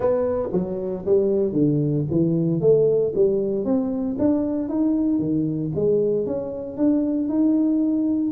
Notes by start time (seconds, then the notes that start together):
0.00 B3
0.52 F#3
1.05 G3
1.52 D3
2.10 E3
2.61 A3
3.15 G3
3.64 C4
4.19 D4
4.68 D#4
5.19 D#3
5.75 G#3
6.26 C#4
6.77 D4
7.28 D#4